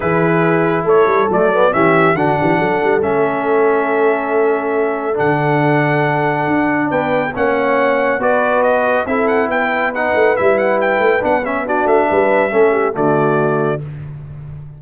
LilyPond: <<
  \new Staff \with { instrumentName = "trumpet" } { \time 4/4 \tempo 4 = 139 b'2 cis''4 d''4 | e''4 fis''2 e''4~ | e''1 | fis''1 |
g''4 fis''2 d''4 | dis''4 e''8 fis''8 g''4 fis''4 | e''8 fis''8 g''4 fis''8 e''8 d''8 e''8~ | e''2 d''2 | }
  \new Staff \with { instrumentName = "horn" } { \time 4/4 gis'2 a'2 | g'4 fis'8 g'8 a'2~ | a'1~ | a'1 |
b'4 cis''2 b'4~ | b'4 a'4 b'2~ | b'2. fis'4 | b'4 a'8 g'8 fis'2 | }
  \new Staff \with { instrumentName = "trombone" } { \time 4/4 e'2. a8 b8 | cis'4 d'2 cis'4~ | cis'1 | d'1~ |
d'4 cis'2 fis'4~ | fis'4 e'2 dis'4 | e'2 d'8 cis'8 d'4~ | d'4 cis'4 a2 | }
  \new Staff \with { instrumentName = "tuba" } { \time 4/4 e2 a8 g8 fis4 | e4 d8 e8 fis8 g8 a4~ | a1 | d2. d'4 |
b4 ais2 b4~ | b4 c'4 b4. a8 | g4. a8 b4. a8 | g4 a4 d2 | }
>>